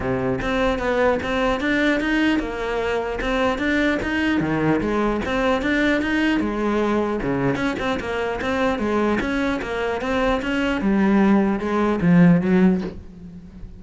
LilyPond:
\new Staff \with { instrumentName = "cello" } { \time 4/4 \tempo 4 = 150 c4 c'4 b4 c'4 | d'4 dis'4 ais2 | c'4 d'4 dis'4 dis4 | gis4 c'4 d'4 dis'4 |
gis2 cis4 cis'8 c'8 | ais4 c'4 gis4 cis'4 | ais4 c'4 cis'4 g4~ | g4 gis4 f4 fis4 | }